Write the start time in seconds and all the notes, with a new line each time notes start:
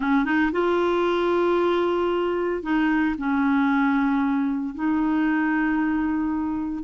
0.00 C#4
0.24 D#4
0.52 F4
2.62 D#4
3.18 C#4
4.74 D#4